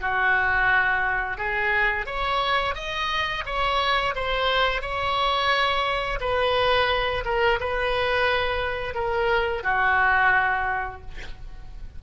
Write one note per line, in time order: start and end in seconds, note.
0.00 1.38 F#4
1.38 2.06 G#4
2.06 2.75 C#5
2.75 3.44 D#5
3.45 4.14 C#5
4.15 4.81 C5
4.81 6.19 C#5
6.20 7.24 B4
7.24 7.59 A#4
7.60 8.94 B4
8.94 9.63 A#4
9.63 11.01 F#4